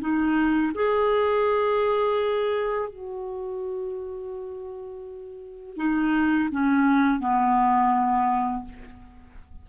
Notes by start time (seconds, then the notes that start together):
0.00 D#4
0.74 G#4
2.89 F#4
5.76 D#4
6.51 C#4
7.20 B3